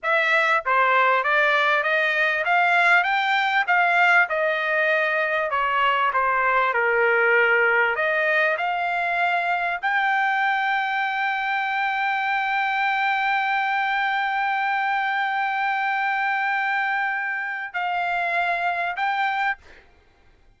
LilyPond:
\new Staff \with { instrumentName = "trumpet" } { \time 4/4 \tempo 4 = 98 e''4 c''4 d''4 dis''4 | f''4 g''4 f''4 dis''4~ | dis''4 cis''4 c''4 ais'4~ | ais'4 dis''4 f''2 |
g''1~ | g''1~ | g''1~ | g''4 f''2 g''4 | }